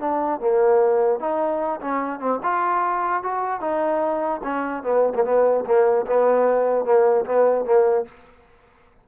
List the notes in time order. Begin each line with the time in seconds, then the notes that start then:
0.00 D4
0.40 A#3
1.20 D#4
1.81 C#4
2.20 C4
2.43 F4
3.23 F#4
3.61 D#4
4.43 C#4
4.83 B3
5.15 A#3
5.24 B3
5.66 A#3
6.07 B3
6.85 A#3
7.26 B3
7.65 A#3